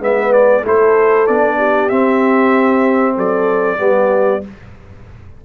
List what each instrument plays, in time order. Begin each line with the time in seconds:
0.00 tuba G#3, trombone B3, horn B4, trumpet E5
0.33 trumpet D5
0.62 tuba A3, trombone E4, horn A4
0.68 trumpet C5
1.27 tuba B3, trombone D4, trumpet D5
1.58 horn G4
1.90 trombone C4, tuba C4, trumpet E5
3.16 tuba F#3, horn A4, trumpet D5
3.78 tuba G3, trombone B3, horn G4